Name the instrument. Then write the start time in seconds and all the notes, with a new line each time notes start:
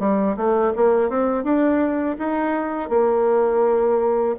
bassoon
0.00 G3
0.37 A3
0.76 A#3
1.10 C4
1.44 D4
2.19 D#4
2.90 A#3